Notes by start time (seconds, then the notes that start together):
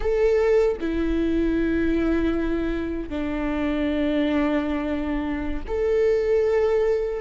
0.00 A4
0.80 E4
3.09 D4
5.67 A4